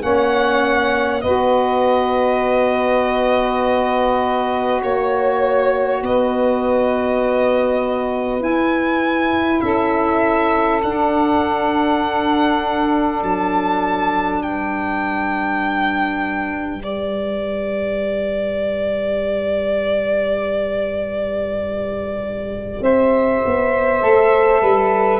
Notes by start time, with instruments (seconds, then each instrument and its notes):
0.00 tuba A#3, saxophone C#4 C#5, violin F#5
1.21 tuba B3, saxophone F#4 B4, violin D#5
4.83 tuba A#3, violin C#5, saxophone C#5
6.02 tuba B3, saxophone B4, violin D#5
8.40 saxophone E4, tuba E4, violin G#5
9.61 tuba C#4, saxophone A4, violin E5
10.83 saxophone D4, tuba D4, violin F#5
13.23 tuba F#3, violin A5
14.42 tuba G3, saxophone B4, violin G5
16.81 saxophone G4, violin D5
22.81 tuba C4, saxophone C5, violin E5
23.46 tuba B3
24.00 tuba A3, saxophone A4
24.61 tuba G3, saxophone B4